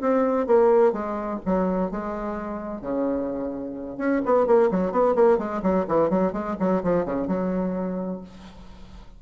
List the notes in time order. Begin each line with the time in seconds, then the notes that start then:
0.00 C4
0.46 A#3
0.92 G#3
1.45 F#3
1.90 G#3
2.81 C#3
3.98 C#4
4.25 B3
4.46 A#3
4.71 F#3
4.91 B3
5.15 A#3
5.38 G#3
5.62 F#3
5.88 E3
6.10 F#3
6.32 G#3
6.59 F#3
6.83 F3
7.05 C#3
7.27 F#3